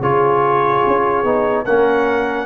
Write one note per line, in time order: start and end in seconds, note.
0.00 0.82 C#3
0.00 1.24 F4
0.00 1.65 G#4
0.00 1.65 C#5
0.86 1.23 C#4
1.23 1.65 B3
1.23 1.65 D#4
1.65 2.46 A#3
1.65 2.46 C#4
1.65 2.46 A#4
1.65 2.46 F#5